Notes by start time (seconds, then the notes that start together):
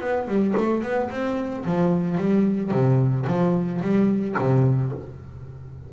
0.00 B3
0.27 G3
0.57 A3
0.82 B3
1.10 C4
1.65 F3
2.17 G3
2.71 C3
3.26 F3
3.81 G3
4.38 C3